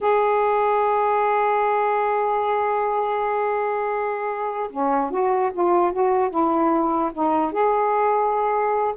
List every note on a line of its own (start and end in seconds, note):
0.00 4.70 G#4
4.70 5.10 C#4
5.10 5.51 F#4
5.53 5.92 F4
5.92 6.30 F#4
6.30 7.11 E4
7.13 7.51 D#4
7.51 8.94 G#4